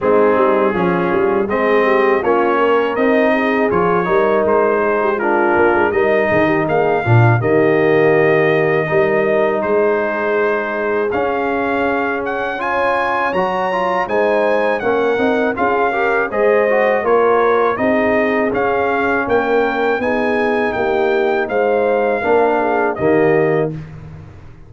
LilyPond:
<<
  \new Staff \with { instrumentName = "trumpet" } { \time 4/4 \tempo 4 = 81 gis'2 dis''4 cis''4 | dis''4 cis''4 c''4 ais'4 | dis''4 f''4 dis''2~ | dis''4 c''2 f''4~ |
f''8 fis''8 gis''4 ais''4 gis''4 | fis''4 f''4 dis''4 cis''4 | dis''4 f''4 g''4 gis''4 | g''4 f''2 dis''4 | }
  \new Staff \with { instrumentName = "horn" } { \time 4/4 dis'4 f'4 gis'8 g'8 f'8 ais'8~ | ais'8 gis'4 ais'4 gis'16 g'16 f'4 | ais'8 gis'16 g'16 gis'8 f'8 g'2 | ais'4 gis'2.~ |
gis'4 cis''2 c''4 | ais'4 gis'8 ais'8 c''4 ais'4 | gis'2 ais'4 gis'4 | g'4 c''4 ais'8 gis'8 g'4 | }
  \new Staff \with { instrumentName = "trombone" } { \time 4/4 c'4 cis'4 c'4 cis'4 | dis'4 f'8 dis'4. d'4 | dis'4. d'8 ais2 | dis'2. cis'4~ |
cis'4 f'4 fis'8 f'8 dis'4 | cis'8 dis'8 f'8 g'8 gis'8 fis'8 f'4 | dis'4 cis'2 dis'4~ | dis'2 d'4 ais4 | }
  \new Staff \with { instrumentName = "tuba" } { \time 4/4 gis8 g8 f8 g8 gis4 ais4 | c'4 f8 g8 gis4. ais16 gis16 | g8 dis8 ais8 ais,8 dis2 | g4 gis2 cis'4~ |
cis'2 fis4 gis4 | ais8 c'8 cis'4 gis4 ais4 | c'4 cis'4 ais4 b4 | ais4 gis4 ais4 dis4 | }
>>